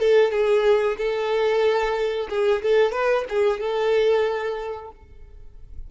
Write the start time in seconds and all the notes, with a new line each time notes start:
0.00 A4
0.32 G#4
0.98 A4
2.30 G#4
2.63 A4
2.92 B4
3.29 G#4
3.61 A4